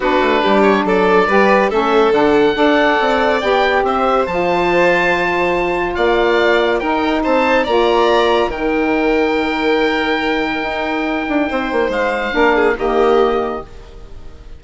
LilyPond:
<<
  \new Staff \with { instrumentName = "oboe" } { \time 4/4 \tempo 4 = 141 b'4. cis''8 d''2 | e''4 fis''2. | g''4 e''4 a''2~ | a''2 f''2 |
g''4 a''4 ais''2 | g''1~ | g''1 | f''2 dis''2 | }
  \new Staff \with { instrumentName = "violin" } { \time 4/4 fis'4 g'4 a'4 b'4 | a'2 d''2~ | d''4 c''2.~ | c''2 d''2 |
ais'4 c''4 d''2 | ais'1~ | ais'2. c''4~ | c''4 ais'8 gis'8 g'2 | }
  \new Staff \with { instrumentName = "saxophone" } { \time 4/4 d'2. g'4 | cis'4 d'4 a'2 | g'2 f'2~ | f'1 |
dis'2 f'2 | dis'1~ | dis'1~ | dis'4 d'4 ais2 | }
  \new Staff \with { instrumentName = "bassoon" } { \time 4/4 b8 a8 g4 fis4 g4 | a4 d4 d'4 c'4 | b4 c'4 f2~ | f2 ais2 |
dis'4 c'4 ais2 | dis1~ | dis4 dis'4. d'8 c'8 ais8 | gis4 ais4 dis2 | }
>>